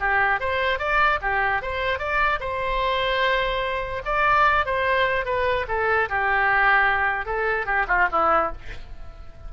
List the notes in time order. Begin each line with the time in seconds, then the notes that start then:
0.00 G4
0.40 C5
0.79 D5
1.22 G4
1.62 C5
1.99 D5
2.40 C5
4.05 D5
4.66 C5
5.26 B4
5.68 A4
6.09 G4
7.26 A4
7.66 G4
7.88 F4
8.12 E4